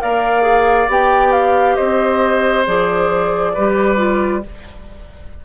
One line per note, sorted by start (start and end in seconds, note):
0.00 0.88 A#3
0.00 0.42 A#4
0.00 1.76 D5
0.00 0.90 F5
0.42 0.86 G#4
0.88 1.76 B3
0.88 2.65 G4
0.88 1.32 G5
1.32 1.76 F5
1.76 2.67 C4
1.76 3.52 C5
1.76 2.64 D#5
2.66 3.56 F3
2.66 3.54 G#4
2.66 4.43 D5
3.54 4.45 G3
3.54 3.97 G4
3.54 4.42 B4
3.97 4.41 F4